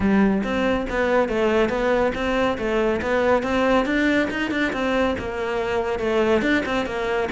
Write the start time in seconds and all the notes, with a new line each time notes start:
0.00 G3
0.43 C4
0.89 B3
1.28 A3
1.69 B3
2.14 C4
2.58 A3
3.01 B3
3.43 C4
3.85 D4
4.30 D#4
4.51 D4
4.72 C4
5.18 A#3
5.99 A3
6.41 D4
6.65 C4
6.86 A#3